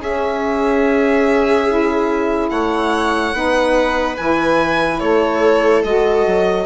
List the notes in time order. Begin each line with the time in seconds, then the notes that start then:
0.00 C#4 G#4 E5
1.67 E4
2.49 A3 C#5 F#5
3.33 B3 D#4 B4
4.17 E3 E4 G#5
4.99 A3 A4 C#5
5.84 G#3 F#4 D#5
6.26 F#3